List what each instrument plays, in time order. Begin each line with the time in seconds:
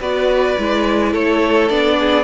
0.00 cello B3, viola F#4, violin B4 D5
0.58 cello G#3, viola E4
1.12 cello A3, violin A4 C#5
1.69 cello B3, viola D4, violin D5
1.99 violin G#4